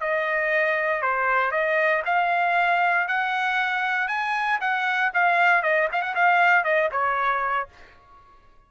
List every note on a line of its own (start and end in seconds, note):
0.00 1.02 D#5
1.02 1.51 C5
1.51 2.03 D#5
2.05 3.08 F5
3.08 4.08 F#5
4.08 4.59 G#5
4.60 5.12 F#5
5.14 5.62 F5
5.62 5.88 D#5
5.92 6.02 F5
6.02 6.14 F#5
6.15 6.64 F5
6.64 6.90 D#5
6.92 7.69 C#5